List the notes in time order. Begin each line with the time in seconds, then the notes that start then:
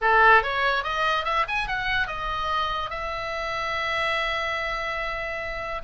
0.01 A4
0.42 C#5
0.83 D#5
1.24 E5
1.48 G#5
1.67 F#5
2.07 D#5
2.90 E5